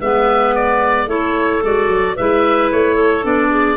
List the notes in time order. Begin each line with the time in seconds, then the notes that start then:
0.00 G#3 B3 B4 E5
0.55 D5
1.06 A3 E4 A4 C#5
1.62 G#3 F#4 D5
1.87 F#3
2.15 G#3 E4 B4 E5
2.71 A3 C#5
2.94 A4
3.22 B3 D4 D5
3.50 G#4